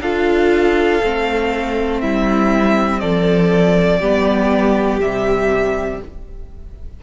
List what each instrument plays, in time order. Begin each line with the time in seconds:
0.00 cello D4, viola F4, violin A4 F5
1.02 cello A3, viola C4
2.01 cello G3, violin E4 E5
3.00 cello F3, violin A4 D5
3.99 cello G3, viola B3, violin G4
4.99 cello C3, viola G3, violin E5